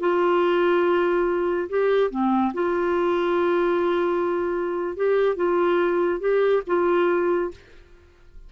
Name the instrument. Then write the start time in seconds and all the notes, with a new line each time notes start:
clarinet
0.00 F4
1.69 G4
2.11 C4
2.54 F4
4.96 G4
5.36 F4
6.20 G4
6.67 F4